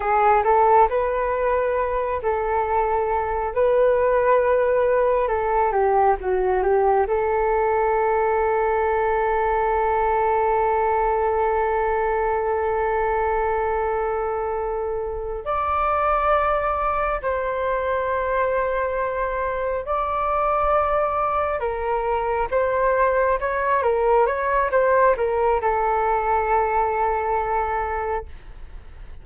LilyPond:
\new Staff \with { instrumentName = "flute" } { \time 4/4 \tempo 4 = 68 gis'8 a'8 b'4. a'4. | b'2 a'8 g'8 fis'8 g'8 | a'1~ | a'1~ |
a'4. d''2 c''8~ | c''2~ c''8 d''4.~ | d''8 ais'4 c''4 cis''8 ais'8 cis''8 | c''8 ais'8 a'2. | }